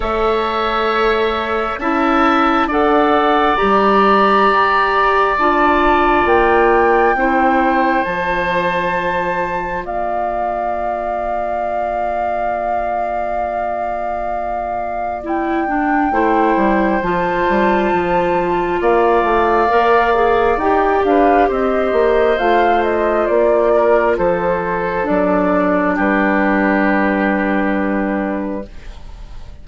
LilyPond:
<<
  \new Staff \with { instrumentName = "flute" } { \time 4/4 \tempo 4 = 67 e''2 a''4 fis''4 | ais''2 a''4 g''4~ | g''4 a''2 f''4~ | f''1~ |
f''4 g''2 a''4~ | a''4 f''2 g''8 f''8 | dis''4 f''8 dis''8 d''4 c''4 | d''4 b'2. | }
  \new Staff \with { instrumentName = "oboe" } { \time 4/4 cis''2 e''4 d''4~ | d''1 | c''2. d''4~ | d''1~ |
d''2 c''2~ | c''4 d''2~ d''8 b'8 | c''2~ c''8 ais'8 a'4~ | a'4 g'2. | }
  \new Staff \with { instrumentName = "clarinet" } { \time 4/4 a'2 e'4 a'4 | g'2 f'2 | e'4 f'2.~ | f'1~ |
f'4 e'8 d'8 e'4 f'4~ | f'2 ais'8 gis'8 g'4~ | g'4 f'2. | d'1 | }
  \new Staff \with { instrumentName = "bassoon" } { \time 4/4 a2 cis'4 d'4 | g4 g'4 d'4 ais4 | c'4 f2 ais4~ | ais1~ |
ais2 a8 g8 f8 g8 | f4 ais8 a8 ais4 dis'8 d'8 | c'8 ais8 a4 ais4 f4 | fis4 g2. | }
>>